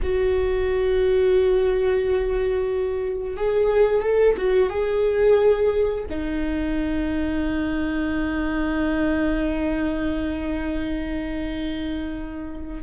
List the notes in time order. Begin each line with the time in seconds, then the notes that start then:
0.02 F#4
3.36 G#4
4.02 A4
4.37 F#4
4.69 G#4
6.09 D#4